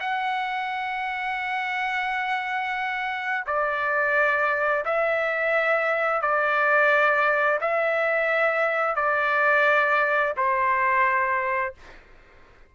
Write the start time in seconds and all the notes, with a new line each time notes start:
0.00 F#5
3.46 D5
4.85 E5
6.22 D5
7.61 E5
8.96 D5
10.37 C5